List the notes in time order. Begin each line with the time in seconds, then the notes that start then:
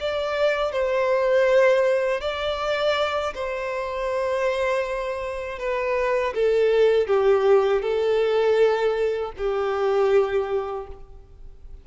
0.00 D5
0.72 C5
2.21 D5
3.34 C5
5.59 B4
6.34 A4
7.07 G4
7.82 A4
9.37 G4